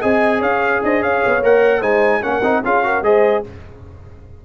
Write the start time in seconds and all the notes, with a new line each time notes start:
0.00 C4 G#4 D#5 G#5
0.39 C#4 C#5 F5
0.83 D4 C5 D#5
1.01 C#4 C#5 F5
1.26 B3
1.42 A#3 A#4 F#5
1.80 G#3 D#4 C5 G#5
2.21 A#3 C#4 A#4 F#5
2.42 C4 D#4
2.64 C#4 F4 G#4 F5
2.83 F#4 A#4
3.01 G#3 G#4 C5 D#5